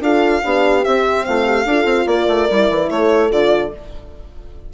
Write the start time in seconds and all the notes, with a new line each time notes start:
0.00 D4 F4 A4 F5
0.42 B3 D4 G4
0.84 C4 E5
1.25 A3 F4 F5
1.46 G4
1.65 D4 F4 A4
1.85 C4
2.06 A#3 A#4 D5
2.27 A3
2.50 G3 E4
2.69 E3
2.90 A3 A4 C#5
3.30 D3 F4 D5